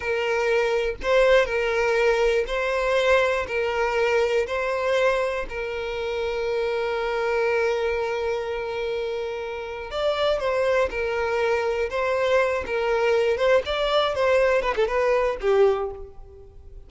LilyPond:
\new Staff \with { instrumentName = "violin" } { \time 4/4 \tempo 4 = 121 ais'2 c''4 ais'4~ | ais'4 c''2 ais'4~ | ais'4 c''2 ais'4~ | ais'1~ |
ais'1 | d''4 c''4 ais'2 | c''4. ais'4. c''8 d''8~ | d''8 c''4 b'16 a'16 b'4 g'4 | }